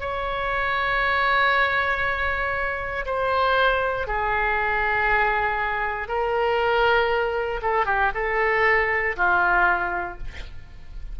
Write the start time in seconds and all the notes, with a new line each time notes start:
0.00 C#5
3.05 C5
4.07 G#4
6.08 A#4
7.62 A4
7.85 G4
8.14 A4
9.16 F4